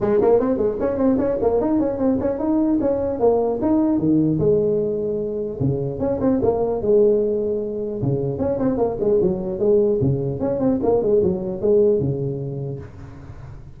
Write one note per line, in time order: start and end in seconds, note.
0.01 0.21 G#3
0.21 0.39 A#3
0.39 0.57 C4
0.57 0.77 G#3
0.80 0.97 C#4
0.97 1.17 C4
1.18 1.38 C#4
1.41 1.61 A#3
1.61 1.79 D#4
1.79 1.98 C#4
1.98 2.18 C4
2.20 2.38 C#4
2.38 2.78 D#4
2.80 3.19 C#4
3.19 3.59 A#3
3.61 3.99 D#4
3.99 4.39 D#3
4.39 5.59 G#3
5.60 5.99 C#3
5.99 6.19 C#4
6.20 6.40 C4
6.42 6.81 A#3
6.81 8.01 G#3
8.01 8.39 C#3
8.39 8.59 C#4
8.59 8.77 C4
8.77 8.97 A#3
9.00 9.20 G#3
9.21 9.59 F#3
9.59 9.99 G#3
10.01 10.40 C#3
10.40 10.59 C#4
10.59 10.79 C4
10.82 11.02 A#3
11.02 11.22 G#3
11.23 11.61 F#3
11.61 11.99 G#3
11.99 12.79 C#3